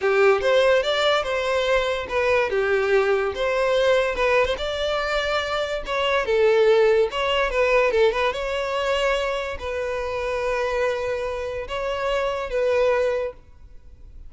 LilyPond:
\new Staff \with { instrumentName = "violin" } { \time 4/4 \tempo 4 = 144 g'4 c''4 d''4 c''4~ | c''4 b'4 g'2 | c''2 b'8. c''16 d''4~ | d''2 cis''4 a'4~ |
a'4 cis''4 b'4 a'8 b'8 | cis''2. b'4~ | b'1 | cis''2 b'2 | }